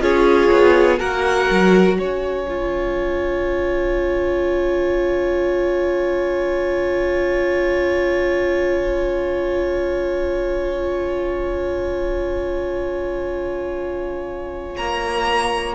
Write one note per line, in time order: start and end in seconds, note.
0.00 0.49 C#4
0.00 0.98 F4
0.00 0.99 G#4
0.00 0.99 C#5
0.51 1.00 B3
0.98 1.50 A#3
0.98 2.45 F#4
0.98 1.98 A#4
0.98 1.98 F#5
1.50 1.99 F#3
1.98 14.78 C#4
1.98 15.75 C#5
1.98 14.76 G#5
2.48 15.75 F4
14.77 15.75 A#3
14.77 15.75 A#5